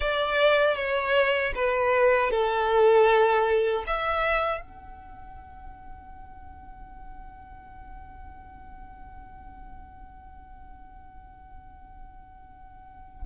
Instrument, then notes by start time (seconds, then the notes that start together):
violin
0.00 D5
0.75 C#5
1.55 B4
2.30 A4
3.86 E5
4.60 F#5